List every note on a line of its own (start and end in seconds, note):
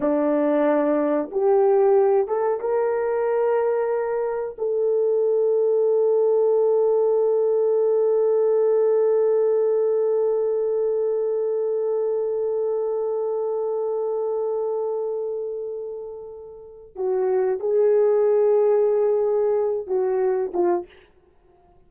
0.00 1.30 D4
1.31 2.27 G4
2.27 2.60 A4
2.60 4.56 A#4
4.58 16.95 A4
16.95 17.59 F#4
17.59 19.86 G#4
19.86 20.51 F#4
20.53 20.86 F4